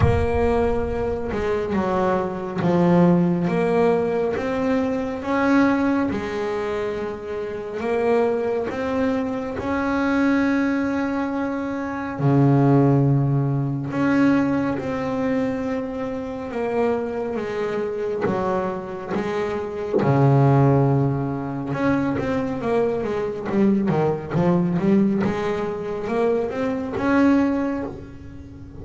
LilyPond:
\new Staff \with { instrumentName = "double bass" } { \time 4/4 \tempo 4 = 69 ais4. gis8 fis4 f4 | ais4 c'4 cis'4 gis4~ | gis4 ais4 c'4 cis'4~ | cis'2 cis2 |
cis'4 c'2 ais4 | gis4 fis4 gis4 cis4~ | cis4 cis'8 c'8 ais8 gis8 g8 dis8 | f8 g8 gis4 ais8 c'8 cis'4 | }